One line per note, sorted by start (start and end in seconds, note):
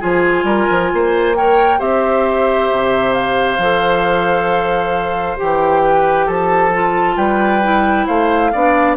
0.00 0.44 F3
0.00 1.34 F4
0.00 0.45 G#4
0.00 1.35 G#5
0.44 0.66 G3
0.44 0.90 A#4
0.70 0.93 F3
0.93 1.80 A#3
0.93 1.37 C5
1.35 1.79 A#4
1.35 1.78 C#5
1.35 1.80 G5
1.78 2.69 C4
1.78 3.58 G4
1.78 5.81 C5
1.78 3.13 E5
2.71 3.58 C3
3.13 5.37 F5
3.58 5.37 F3
3.58 5.37 A4
5.37 6.28 E3
5.37 6.71 G4
5.37 6.29 G5
5.84 6.26 B4
6.26 7.17 F3
6.26 7.15 A4
6.26 7.17 A5
6.73 7.62 F4
7.17 8.06 G3
7.17 8.06 B4
7.17 8.07 G5
7.62 8.52 E4
8.06 8.53 A3
8.06 8.51 C5
8.06 8.96 F5
8.53 8.97 B3
8.53 8.97 D4
8.53 8.97 D5